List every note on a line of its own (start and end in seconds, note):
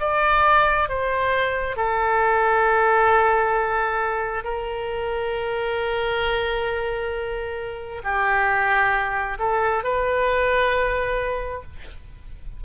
0.00 0.90 D5
0.90 1.77 C5
1.77 4.45 A4
4.45 8.03 A#4
8.04 9.39 G4
9.39 9.84 A4
9.84 11.63 B4